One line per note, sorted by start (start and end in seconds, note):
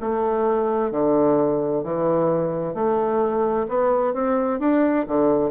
0.00 0.91 A3
0.91 1.83 D3
1.83 2.74 E3
2.74 3.66 A3
3.68 4.13 B3
4.13 4.59 C4
4.59 5.06 D4
5.07 5.50 D3